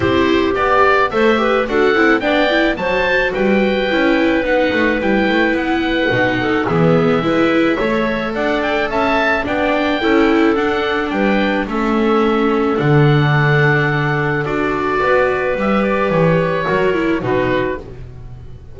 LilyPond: <<
  \new Staff \with { instrumentName = "oboe" } { \time 4/4 \tempo 4 = 108 c''4 d''4 e''4 fis''4 | g''4 a''4 g''2 | fis''4 g''4 fis''2 | e''2. fis''8 g''8 |
a''4 g''2 fis''4 | g''4 e''2 fis''4~ | fis''2 d''2 | e''8 d''8 cis''2 b'4 | }
  \new Staff \with { instrumentName = "clarinet" } { \time 4/4 g'2 c''8 b'8 a'4 | d''4 c''4 b'2~ | b'2.~ b'8 a'8 | gis'4 b'4 cis''4 d''4 |
e''4 d''4 a'2 | b'4 a'2.~ | a'2. b'4~ | b'2 ais'4 fis'4 | }
  \new Staff \with { instrumentName = "viola" } { \time 4/4 e'4 g'4 a'8 g'8 fis'8 e'8 | d'8 e'8 fis'2 e'4 | dis'4 e'2 dis'4 | b4 e'4 a'2~ |
a'4 d'4 e'4 d'4~ | d'4 cis'2 d'4~ | d'2 fis'2 | g'2 fis'8 e'8 dis'4 | }
  \new Staff \with { instrumentName = "double bass" } { \time 4/4 c'4 b4 a4 d'8 c'8 | b4 fis4 g4 cis'4 | b8 a8 g8 a8 b4 b,4 | e4 gis4 a4 d'4 |
cis'4 b4 cis'4 d'4 | g4 a2 d4~ | d2 d'4 b4 | g4 e4 fis4 b,4 | }
>>